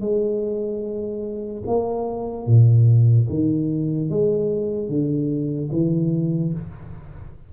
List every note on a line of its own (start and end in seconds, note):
0.00 1.62 G#3
1.66 2.46 A#3
2.46 3.27 A#2
3.29 4.09 D#3
4.09 4.88 G#3
4.88 5.69 D3
5.72 6.53 E3